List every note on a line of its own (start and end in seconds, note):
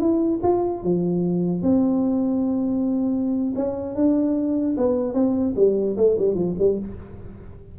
0.00 0.40 E4
0.43 0.83 F4
0.84 1.63 F3
1.63 3.54 C4
3.56 3.96 C#4
3.96 4.76 D4
4.78 5.14 B3
5.14 5.54 C4
5.56 5.97 G3
5.97 6.17 A3
6.19 6.35 G3
6.35 6.55 F3
6.59 6.79 G3